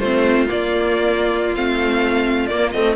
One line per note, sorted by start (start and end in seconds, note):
0.00 0.47 A3
0.00 0.48 C4
0.00 2.96 F4
0.00 0.47 C5
0.48 1.54 A#3
0.48 1.57 A#3
0.48 1.56 D5
1.56 2.51 A3
1.56 2.50 C4
1.56 2.47 F5
2.47 2.73 A#3
2.47 2.74 A#3
2.47 2.71 D5
2.71 2.96 A3
2.71 2.96 C4
2.71 2.95 D#5